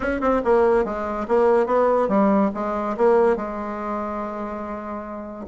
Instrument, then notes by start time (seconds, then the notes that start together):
bassoon
0.00 C#4
0.20 C4
0.44 A#3
0.84 G#3
1.28 A#3
1.66 B3
2.08 G3
2.54 G#3
2.97 A#3
3.36 G#3